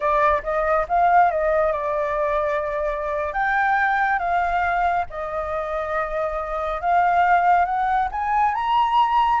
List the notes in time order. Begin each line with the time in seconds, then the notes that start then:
0.00 D5
0.43 D#5
0.88 F5
1.30 D#5
1.72 D5
3.33 G5
4.19 F5
5.10 D#5
6.81 F5
7.65 F#5
8.11 G#5
8.54 A#5